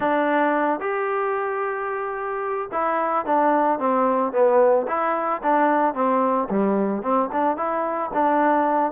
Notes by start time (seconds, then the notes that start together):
0.00 D4
0.80 G4
2.71 E4
3.25 D4
3.79 C4
4.32 B3
4.87 E4
5.42 D4
5.94 C4
6.50 G3
7.02 C4
7.32 D4
7.56 E4
8.13 D4